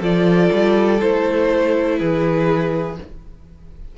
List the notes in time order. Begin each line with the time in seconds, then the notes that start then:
0.00 F3 F4 A4 D5
0.52 G3
1.00 A3 E4 C5
1.98 E3 G#4 B4